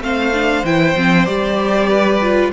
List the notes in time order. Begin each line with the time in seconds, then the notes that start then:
0.00 A3 C4 C5 F5
0.33 D4
0.63 E3 E4 G5
0.95 F3 C4
1.25 G3 G4 D5
1.88 B4
2.21 F4